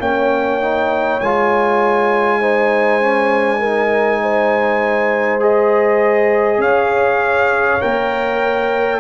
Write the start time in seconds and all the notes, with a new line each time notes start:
0.00 A#3 C#4 C#5 G5
0.61 D#4
1.20 G#3 F4 G#5
2.40 D#4 C5
3.01 C#4
3.60 D#4 A#4
4.22 C5
5.40 G#4 D#5
6.58 C#4 C#5 F5
7.81 A#3 A#4 G5